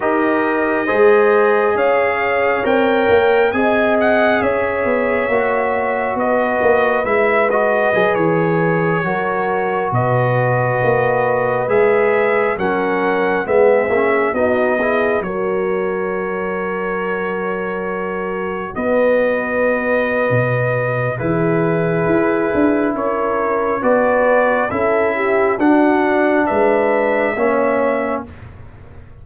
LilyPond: <<
  \new Staff \with { instrumentName = "trumpet" } { \time 4/4 \tempo 4 = 68 dis''2 f''4 g''4 | gis''8 fis''8 e''2 dis''4 | e''8 dis''8. cis''2 dis''8.~ | dis''4~ dis''16 e''4 fis''4 e''8.~ |
e''16 dis''4 cis''2~ cis''8.~ | cis''4~ cis''16 dis''2~ dis''8. | b'2 cis''4 d''4 | e''4 fis''4 e''2 | }
  \new Staff \with { instrumentName = "horn" } { \time 4/4 ais'4 c''4 cis''2 | dis''4 cis''2 b'4~ | b'2~ b'16 ais'4 b'8.~ | b'2~ b'16 ais'4 gis'8.~ |
gis'16 fis'8 gis'8 ais'2~ ais'8.~ | ais'4~ ais'16 b'2~ b'8. | gis'2 ais'4 b'4 | a'8 g'8 fis'4 b'4 cis''4 | }
  \new Staff \with { instrumentName = "trombone" } { \time 4/4 g'4 gis'2 ais'4 | gis'2 fis'2 | e'8 fis'8 gis'4~ gis'16 fis'4.~ fis'16~ | fis'4~ fis'16 gis'4 cis'4 b8 cis'16~ |
cis'16 dis'8 e'8 fis'2~ fis'8.~ | fis'1 | e'2. fis'4 | e'4 d'2 cis'4 | }
  \new Staff \with { instrumentName = "tuba" } { \time 4/4 dis'4 gis4 cis'4 c'8 ais8 | c'4 cis'8 b8 ais4 b8 ais8 | gis4 fis16 e4 fis4 b,8.~ | b,16 ais4 gis4 fis4 gis8 ais16~ |
ais16 b4 fis2~ fis8.~ | fis4~ fis16 b4.~ b16 b,4 | e4 e'8 d'8 cis'4 b4 | cis'4 d'4 gis4 ais4 | }
>>